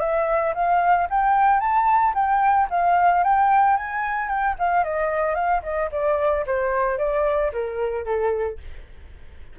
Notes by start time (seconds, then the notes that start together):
0.00 E5
0.54 F5
1.10 G5
1.60 A5
2.14 G5
2.70 F5
3.24 G5
3.77 G#5
4.28 G5
4.59 F5
4.84 D#5
5.34 F5
5.63 D#5
5.91 D5
6.46 C5
6.98 D5
7.53 A#4
8.05 A4